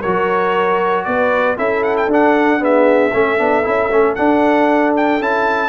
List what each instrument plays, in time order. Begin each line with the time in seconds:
0.00 tuba F#3, trombone F#4, horn A#4, trumpet C#5
1.04 tuba B3, horn B4, trumpet D5
1.56 tuba C#4, trombone E4, horn A4, trumpet E5
1.83 trumpet F#5
1.97 trumpet G5
2.06 tuba D4, trombone D4
2.13 trumpet F#5
2.59 trombone B3, horn G#4, trumpet E5
3.13 tuba A3, trombone C#4, horn A4
3.38 tuba B3, trombone D4
3.63 tuba C#4, trombone E4
3.91 tuba A3, trombone C#4
4.15 trombone D4, tuba D4, trumpet F#5
4.96 trumpet G5
5.20 tuba C#4, trombone E4, trumpet A5